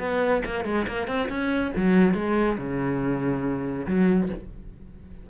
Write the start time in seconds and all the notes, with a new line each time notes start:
0.00 B3
0.46 A#3
0.65 G#3
0.88 A#3
1.08 C4
1.30 C#4
1.76 F#3
2.15 G#3
2.58 C#3
3.87 F#3